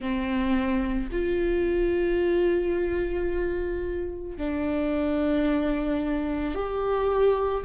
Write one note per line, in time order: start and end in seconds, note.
0.00 1.09 C4
1.11 4.37 F4
4.37 6.55 D4
6.55 7.64 G4